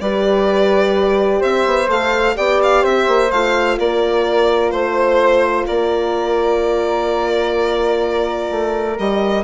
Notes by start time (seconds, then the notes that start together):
0.00 G3 G4 B4 D5
1.40 C4 C5 E5
1.66 B3
1.88 A3 A4 F5
2.36 B3 G4 D5 G5
2.63 F5
2.82 C4 C5 E5
3.07 A#3
3.31 A3 F4 F5
3.79 A#3 A#4 D5
4.70 A3 C5
5.67 A#3 A#4 D5
8.50 A3
8.98 G3 G4 D#5